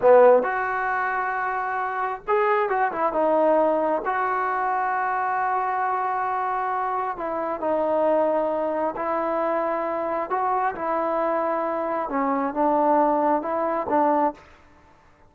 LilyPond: \new Staff \with { instrumentName = "trombone" } { \time 4/4 \tempo 4 = 134 b4 fis'2.~ | fis'4 gis'4 fis'8 e'8 dis'4~ | dis'4 fis'2.~ | fis'1 |
e'4 dis'2. | e'2. fis'4 | e'2. cis'4 | d'2 e'4 d'4 | }